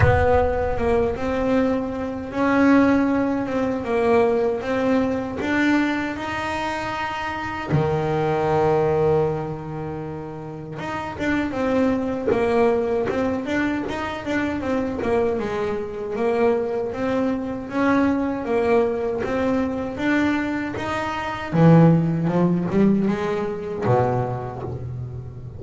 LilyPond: \new Staff \with { instrumentName = "double bass" } { \time 4/4 \tempo 4 = 78 b4 ais8 c'4. cis'4~ | cis'8 c'8 ais4 c'4 d'4 | dis'2 dis2~ | dis2 dis'8 d'8 c'4 |
ais4 c'8 d'8 dis'8 d'8 c'8 ais8 | gis4 ais4 c'4 cis'4 | ais4 c'4 d'4 dis'4 | e4 f8 g8 gis4 b,4 | }